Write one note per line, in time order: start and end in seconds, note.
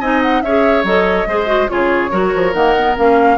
0.00 0.42 C4
0.00 0.44 D#4
0.00 0.42 D#5
0.00 0.21 G#5
0.22 0.42 F#5
0.42 0.83 C#4
0.42 0.85 G#4
0.42 1.28 C#5
0.42 0.84 E5
0.83 1.26 F#3
0.83 1.27 A4
0.83 1.69 D#5
1.26 1.68 G#3
1.26 1.46 G#4
1.26 1.70 C5
1.46 1.67 F#4
1.68 2.12 C#3
1.68 2.10 F4
1.68 2.10 G#4
1.68 2.53 C#5
2.10 2.33 F#3
2.10 2.53 F#4
2.10 3.37 A#4
2.35 2.53 F3
2.53 2.95 D#3
2.53 2.75 A#3
2.53 2.96 F#5
2.77 2.97 B3
2.97 3.37 A#3
2.97 3.37 C#4
2.97 3.37 F5